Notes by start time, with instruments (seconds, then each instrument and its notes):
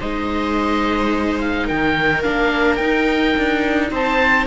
0.00 cello G#3, viola D#4 C5, oboe D#5
1.40 oboe F5
1.66 cello D#3, viola A#4, oboe G5
2.23 cello A#3, viola D4, oboe F5
2.76 cello D#4, viola D#4, oboe G5
3.38 cello D4
3.91 cello C4, viola C5, oboe A5